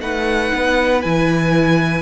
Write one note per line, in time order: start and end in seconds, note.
0.00 0.51 A3
0.00 1.02 D#4
0.00 2.01 B4
0.00 1.01 F#5
0.54 1.04 B3
1.01 2.01 E3
1.01 2.01 E4
1.01 2.01 G#5